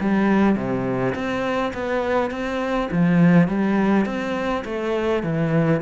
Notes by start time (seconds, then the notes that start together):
0.00 G3
0.55 C3
1.14 C4
1.73 B3
2.30 C4
2.91 F3
3.48 G3
4.05 C4
4.65 A3
5.23 E3